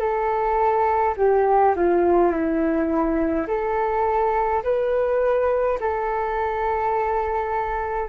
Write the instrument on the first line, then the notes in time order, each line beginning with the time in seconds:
flute
0.00 A4
1.17 G4
1.76 F4
2.32 E4
3.48 A4
4.64 B4
5.81 A4